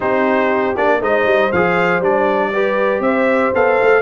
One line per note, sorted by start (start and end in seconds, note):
0.00 0.76 C4
0.00 0.75 D#4
0.00 0.98 G4
0.00 0.76 C5
0.76 1.00 A#3
0.76 1.00 D4
0.76 1.01 D5
1.00 1.25 G#3
1.00 1.51 D#4
1.00 2.52 C5
1.00 1.52 D#5
1.25 1.50 G3
1.52 1.99 F3
1.52 2.02 G#4
1.52 2.02 F5
1.99 3.00 G3
1.99 2.52 D4
1.99 3.01 D5
2.52 3.54 G4
2.52 3.02 B4
3.00 3.50 C4
3.00 4.02 C5
3.00 3.52 E5
3.54 3.79 B3
3.54 4.02 A4
3.54 4.02 F5
3.81 4.02 A3